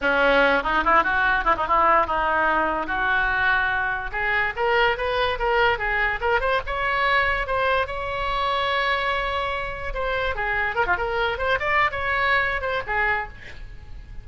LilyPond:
\new Staff \with { instrumentName = "oboe" } { \time 4/4 \tempo 4 = 145 cis'4. dis'8 e'8 fis'4 e'16 dis'16 | e'4 dis'2 fis'4~ | fis'2 gis'4 ais'4 | b'4 ais'4 gis'4 ais'8 c''8 |
cis''2 c''4 cis''4~ | cis''1 | c''4 gis'4 ais'16 f'16 ais'4 c''8 | d''8. cis''4.~ cis''16 c''8 gis'4 | }